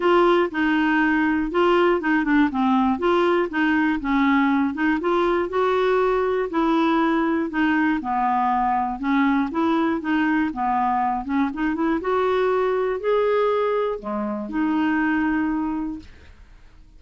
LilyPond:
\new Staff \with { instrumentName = "clarinet" } { \time 4/4 \tempo 4 = 120 f'4 dis'2 f'4 | dis'8 d'8 c'4 f'4 dis'4 | cis'4. dis'8 f'4 fis'4~ | fis'4 e'2 dis'4 |
b2 cis'4 e'4 | dis'4 b4. cis'8 dis'8 e'8 | fis'2 gis'2 | gis4 dis'2. | }